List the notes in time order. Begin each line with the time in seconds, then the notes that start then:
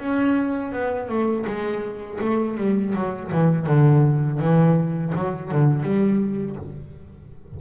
0.00 C#4
0.73 B3
1.09 A3
1.47 G#3
2.21 A3
2.58 G3
2.95 F#3
3.32 E3
3.67 D3
4.40 E3
5.16 F#3
5.51 D3
5.83 G3